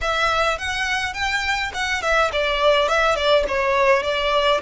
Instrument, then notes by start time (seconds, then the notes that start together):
violin
0.01 E5
0.58 F#5
1.13 G5
1.73 F#5
2.01 E5
2.32 D5
2.88 E5
3.15 D5
3.48 C#5
4.03 D5